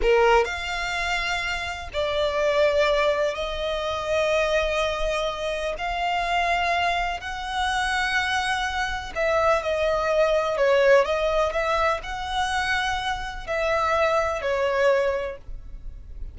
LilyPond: \new Staff \with { instrumentName = "violin" } { \time 4/4 \tempo 4 = 125 ais'4 f''2. | d''2. dis''4~ | dis''1 | f''2. fis''4~ |
fis''2. e''4 | dis''2 cis''4 dis''4 | e''4 fis''2. | e''2 cis''2 | }